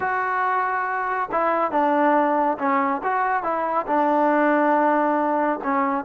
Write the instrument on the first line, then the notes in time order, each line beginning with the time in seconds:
trombone
0.00 F#4
1.31 E4
1.71 D4
2.58 C#4
3.03 F#4
3.43 E4
3.87 D4
5.63 C#4